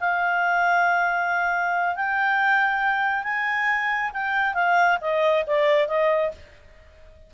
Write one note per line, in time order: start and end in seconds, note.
0.00 1.96 F5
1.96 3.23 G5
3.23 4.11 G#5
4.13 4.54 G5
4.54 4.98 F5
5.01 5.45 D#5
5.46 5.88 D5
5.88 6.31 D#5